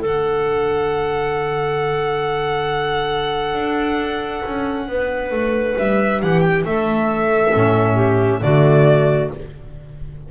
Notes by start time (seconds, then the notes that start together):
0.00 D3 D4 A4 F#5
3.53 D4
4.45 C#4
4.88 B3 B4
5.31 A3
5.78 G3 E5
6.22 E3 G4 F#5
6.40 G5
6.65 A3 A4 E5
7.52 A2 C#4
7.94 G4
8.41 D3 A3 F#4 D5